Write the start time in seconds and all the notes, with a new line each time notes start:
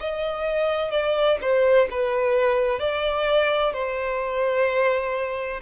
0.00 D#5
0.91 D5
1.41 C5
1.90 B4
2.79 D5
3.73 C5